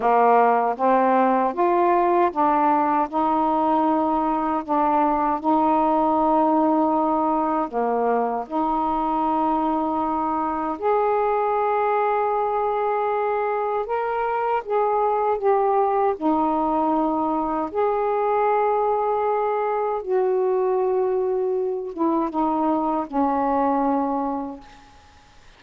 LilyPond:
\new Staff \with { instrumentName = "saxophone" } { \time 4/4 \tempo 4 = 78 ais4 c'4 f'4 d'4 | dis'2 d'4 dis'4~ | dis'2 ais4 dis'4~ | dis'2 gis'2~ |
gis'2 ais'4 gis'4 | g'4 dis'2 gis'4~ | gis'2 fis'2~ | fis'8 e'8 dis'4 cis'2 | }